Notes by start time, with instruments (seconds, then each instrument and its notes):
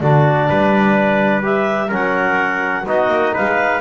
0.00 double bass D3, trombone D4, trumpet F#4, clarinet D5
0.48 double bass G3, trumpet B4
1.42 trombone G4, clarinet E5
1.88 double bass F#3, trombone C#4, trumpet A#4, clarinet F#5
2.86 double bass B3, trombone D#4, trumpet F#4, clarinet D#5
3.08 double bass A#3
3.33 double bass G#3, trumpet B4, clarinet F5